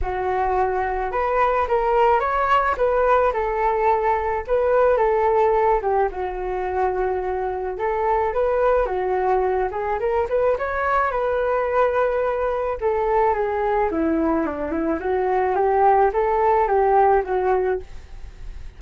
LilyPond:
\new Staff \with { instrumentName = "flute" } { \time 4/4 \tempo 4 = 108 fis'2 b'4 ais'4 | cis''4 b'4 a'2 | b'4 a'4. g'8 fis'4~ | fis'2 a'4 b'4 |
fis'4. gis'8 ais'8 b'8 cis''4 | b'2. a'4 | gis'4 e'4 d'8 e'8 fis'4 | g'4 a'4 g'4 fis'4 | }